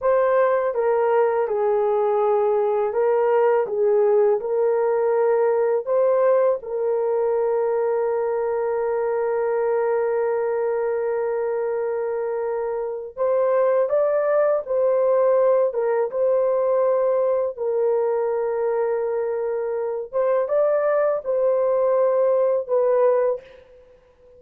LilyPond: \new Staff \with { instrumentName = "horn" } { \time 4/4 \tempo 4 = 82 c''4 ais'4 gis'2 | ais'4 gis'4 ais'2 | c''4 ais'2.~ | ais'1~ |
ais'2 c''4 d''4 | c''4. ais'8 c''2 | ais'2.~ ais'8 c''8 | d''4 c''2 b'4 | }